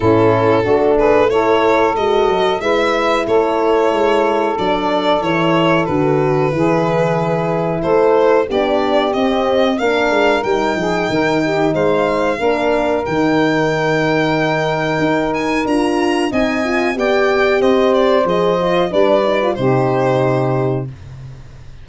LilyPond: <<
  \new Staff \with { instrumentName = "violin" } { \time 4/4 \tempo 4 = 92 a'4. b'8 cis''4 dis''4 | e''4 cis''2 d''4 | cis''4 b'2. | c''4 d''4 dis''4 f''4 |
g''2 f''2 | g''2.~ g''8 gis''8 | ais''4 gis''4 g''4 dis''8 d''8 | dis''4 d''4 c''2 | }
  \new Staff \with { instrumentName = "saxophone" } { \time 4/4 e'4 fis'8 gis'8 a'2 | b'4 a'2.~ | a'2 gis'2 | a'4 g'2 ais'4~ |
ais'8 gis'8 ais'8 g'8 c''4 ais'4~ | ais'1~ | ais'4 dis''4 d''4 c''4~ | c''4 b'4 g'2 | }
  \new Staff \with { instrumentName = "horn" } { \time 4/4 cis'4 d'4 e'4 fis'4 | e'2. d'4 | e'4 fis'4 e'2~ | e'4 d'4 c'4 d'4 |
dis'2. d'4 | dis'1 | f'4 dis'8 f'8 g'2 | gis'8 f'8 d'8 dis'16 f'16 dis'2 | }
  \new Staff \with { instrumentName = "tuba" } { \time 4/4 a,4 a2 gis8 fis8 | gis4 a4 gis4 fis4 | e4 d4 e2 | a4 b4 c'4 ais8 gis8 |
g8 f8 dis4 gis4 ais4 | dis2. dis'4 | d'4 c'4 b4 c'4 | f4 g4 c2 | }
>>